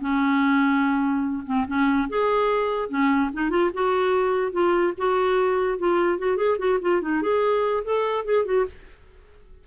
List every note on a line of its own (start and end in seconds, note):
0.00 1.44 C#4
1.46 1.66 C4
1.67 2.08 C#4
2.09 2.89 G#4
2.89 3.30 C#4
3.33 3.50 D#4
3.50 3.70 F4
3.73 4.52 F#4
4.52 4.93 F4
4.97 5.78 F#4
5.78 6.18 F4
6.18 6.37 F#4
6.37 6.57 G#4
6.58 6.79 F#4
6.81 7.01 F4
7.01 7.22 D#4
7.22 7.83 G#4
7.84 8.25 A4
8.25 8.45 G#4
8.45 8.65 F#4